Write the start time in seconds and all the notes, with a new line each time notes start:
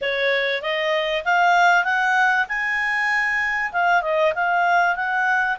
0.01 C#5
0.62 D#5
1.25 F5
1.84 F#5
2.48 G#5
3.72 F5
4.02 D#5
4.34 F5
4.95 F#5